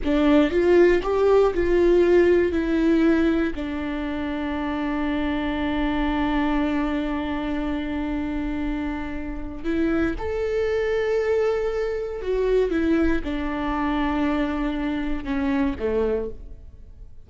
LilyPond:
\new Staff \with { instrumentName = "viola" } { \time 4/4 \tempo 4 = 118 d'4 f'4 g'4 f'4~ | f'4 e'2 d'4~ | d'1~ | d'1~ |
d'2. e'4 | a'1 | fis'4 e'4 d'2~ | d'2 cis'4 a4 | }